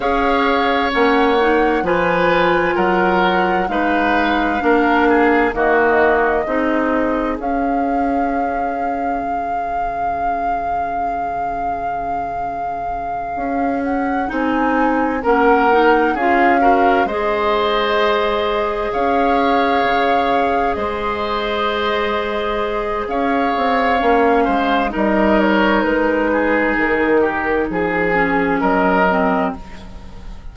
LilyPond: <<
  \new Staff \with { instrumentName = "flute" } { \time 4/4 \tempo 4 = 65 f''4 fis''4 gis''4 fis''4 | f''2 dis''2 | f''1~ | f''2. fis''8 gis''8~ |
gis''8 fis''4 f''4 dis''4.~ | dis''8 f''2 dis''4.~ | dis''4 f''2 dis''8 cis''8 | b'4 ais'4 gis'4 dis''4 | }
  \new Staff \with { instrumentName = "oboe" } { \time 4/4 cis''2 b'4 ais'4 | b'4 ais'8 gis'8 fis'4 gis'4~ | gis'1~ | gis'1~ |
gis'8 ais'4 gis'8 ais'8 c''4.~ | c''8 cis''2 c''4.~ | c''4 cis''4. c''8 ais'4~ | ais'8 gis'4 g'8 gis'4 ais'4 | }
  \new Staff \with { instrumentName = "clarinet" } { \time 4/4 gis'4 cis'8 dis'8 f'2 | dis'4 d'4 ais4 dis'4 | cis'1~ | cis'2.~ cis'8 dis'8~ |
dis'8 cis'8 dis'8 f'8 fis'8 gis'4.~ | gis'1~ | gis'2 cis'4 dis'4~ | dis'2~ dis'8 cis'4 c'8 | }
  \new Staff \with { instrumentName = "bassoon" } { \time 4/4 cis'4 ais4 f4 fis4 | gis4 ais4 dis4 c'4 | cis'2 cis2~ | cis2~ cis8 cis'4 c'8~ |
c'8 ais4 cis'4 gis4.~ | gis8 cis'4 cis4 gis4.~ | gis4 cis'8 c'8 ais8 gis8 g4 | gis4 dis4 f4 fis4 | }
>>